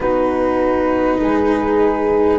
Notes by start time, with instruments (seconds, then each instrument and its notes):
0.00 tuba B3, cello D#4, horn F#4, flute B4
1.19 tuba G#3, horn G#4